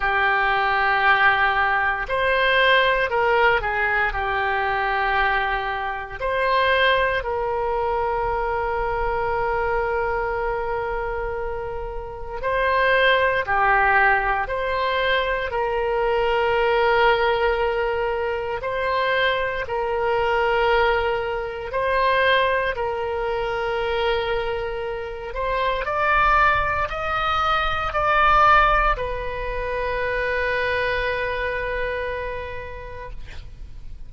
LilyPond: \new Staff \with { instrumentName = "oboe" } { \time 4/4 \tempo 4 = 58 g'2 c''4 ais'8 gis'8 | g'2 c''4 ais'4~ | ais'1 | c''4 g'4 c''4 ais'4~ |
ais'2 c''4 ais'4~ | ais'4 c''4 ais'2~ | ais'8 c''8 d''4 dis''4 d''4 | b'1 | }